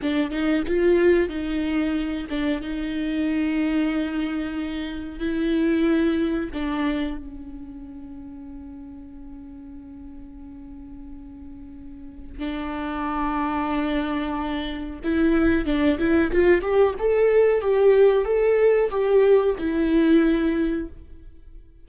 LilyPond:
\new Staff \with { instrumentName = "viola" } { \time 4/4 \tempo 4 = 92 d'8 dis'8 f'4 dis'4. d'8 | dis'1 | e'2 d'4 cis'4~ | cis'1~ |
cis'2. d'4~ | d'2. e'4 | d'8 e'8 f'8 g'8 a'4 g'4 | a'4 g'4 e'2 | }